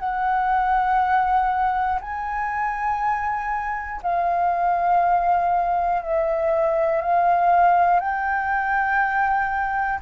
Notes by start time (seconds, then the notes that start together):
0.00 F#5
2.02 G#5
4.03 F5
6.02 E5
7.02 F5
8.00 G5